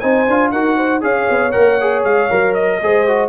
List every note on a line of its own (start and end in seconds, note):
0.00 0.28 C4
0.00 0.27 D#4
0.00 0.52 C5
0.00 0.50 G#5
0.28 0.53 D4
0.28 0.55 F4
0.51 1.02 D#4
0.51 1.01 F#4
0.51 0.77 A#4
0.51 1.02 F#5
0.77 1.02 C5
1.01 1.28 C#4
1.01 1.52 G#4
1.01 2.81 C#5
1.01 1.52 F5
1.30 1.55 B3
1.52 2.04 A#3
1.52 1.78 A#4
1.52 2.02 F#5
1.81 2.30 G#4
2.04 2.30 G#3
2.04 2.54 F5
2.30 2.82 F#3
2.30 2.81 A#4
2.54 3.30 D#5
2.82 3.30 G#3
2.82 3.08 G#4
2.82 3.30 C5
3.08 3.30 F#4